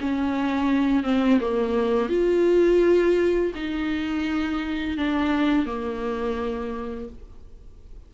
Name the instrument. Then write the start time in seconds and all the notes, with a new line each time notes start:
viola
0.00 C#4
1.03 C4
1.40 A#3
2.09 F4
3.55 D#4
4.97 D4
5.65 A#3